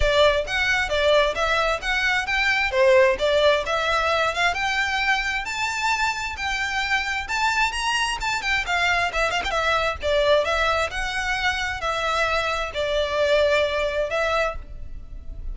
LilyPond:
\new Staff \with { instrumentName = "violin" } { \time 4/4 \tempo 4 = 132 d''4 fis''4 d''4 e''4 | fis''4 g''4 c''4 d''4 | e''4. f''8 g''2 | a''2 g''2 |
a''4 ais''4 a''8 g''8 f''4 | e''8 f''16 g''16 e''4 d''4 e''4 | fis''2 e''2 | d''2. e''4 | }